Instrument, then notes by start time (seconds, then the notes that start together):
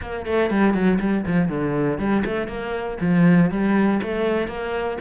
cello
0.01 A#3
0.25 A3
0.50 G3
0.74 F#3
0.99 G3
1.27 F3
1.48 D3
1.98 G3
2.25 A3
2.47 A#3
3.00 F3
3.50 G3
4.02 A3
4.47 A#3